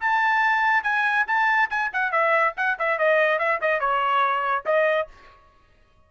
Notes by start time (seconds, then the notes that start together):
0.00 A5
0.83 G#5
1.27 A5
1.70 G#5
1.93 F#5
2.11 E5
2.57 F#5
2.78 E5
2.98 D#5
3.38 E5
3.61 D#5
3.80 C#5
4.65 D#5